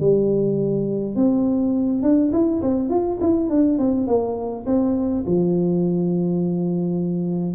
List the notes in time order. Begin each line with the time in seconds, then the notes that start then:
0.00 G3
1.16 C4
2.03 D4
2.32 E4
2.62 C4
2.89 F4
3.21 E4
3.50 D4
3.79 C4
4.07 A#3
4.66 C4
5.26 F3